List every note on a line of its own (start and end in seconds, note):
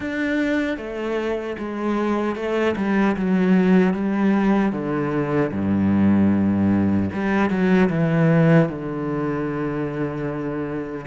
0.00 0.77 D4
0.77 1.56 A3
1.58 2.35 G#3
2.35 2.75 A3
2.76 3.15 G3
3.16 3.93 F#3
3.93 4.72 G3
4.72 5.51 D3
5.51 7.09 G2
7.13 7.50 G3
7.50 7.89 F#3
7.89 8.68 E3
8.68 11.05 D3